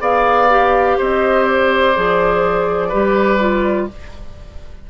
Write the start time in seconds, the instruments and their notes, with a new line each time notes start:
0.00 bassoon B3, clarinet G#4, oboe D5, flute F5
0.50 clarinet G4
0.98 bassoon C4, oboe C5, flute D#5
1.44 flute D5
1.96 bassoon F3, clarinet G#4
2.89 bassoon G3, clarinet G4, oboe B4
3.40 clarinet F4